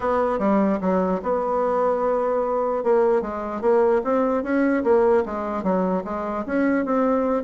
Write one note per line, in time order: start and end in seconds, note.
0.00 0.39 B3
0.39 0.79 G3
0.81 1.21 F#3
1.22 2.83 B3
2.83 3.21 A#3
3.21 3.61 G#3
3.61 4.01 A#3
4.04 4.43 C4
4.43 4.83 C#4
4.83 5.23 A#3
5.25 5.63 G#3
5.63 6.03 F#3
6.04 6.44 G#3
6.46 6.85 C#4
6.85 7.43 C4